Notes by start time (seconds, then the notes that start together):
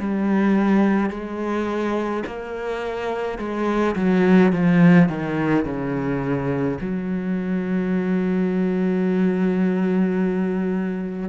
0.00 G3
1.10 G#3
2.26 A#3
3.39 G#3
3.96 F#3
4.52 F3
5.09 D#3
5.65 C#3
6.81 F#3